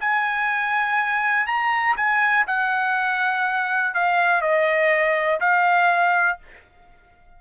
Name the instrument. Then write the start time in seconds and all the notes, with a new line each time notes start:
trumpet
0.00 G#5
1.46 A#5
1.96 G#5
2.47 F#5
3.94 F5
4.41 D#5
5.40 F5